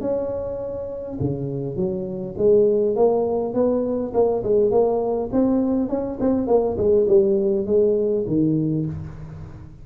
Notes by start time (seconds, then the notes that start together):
0.00 C#4
1.20 C#3
1.76 F#3
2.37 G#3
2.95 A#3
3.53 B3
4.13 A#3
4.43 G#3
4.71 A#3
5.32 C4
5.89 C#4
6.20 C4
6.47 A#3
6.77 G#3
7.07 G3
7.66 G#3
8.27 D#3